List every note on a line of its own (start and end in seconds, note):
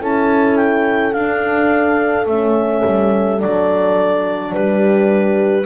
0.00 1.14 C#4
0.00 1.13 E4
0.00 4.53 A4
0.00 0.57 A5
0.57 1.13 G5
1.13 2.26 D4
1.13 2.27 D4
1.13 2.26 F5
2.26 2.83 A3
2.26 3.39 C#4
2.26 3.41 E5
2.86 3.42 G3
3.39 4.54 F#3
3.39 5.65 D4
3.39 4.53 D5
4.53 5.66 G3
4.53 5.66 G4
4.53 5.66 B4